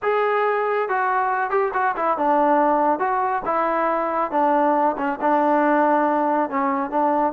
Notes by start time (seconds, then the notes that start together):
0.02 G#4
0.88 F#4
1.50 G4
1.73 F#4
1.96 E4
2.17 D4
2.99 F#4
3.45 E4
4.31 D4
4.97 C#4
5.21 D4
6.49 C#4
6.90 D4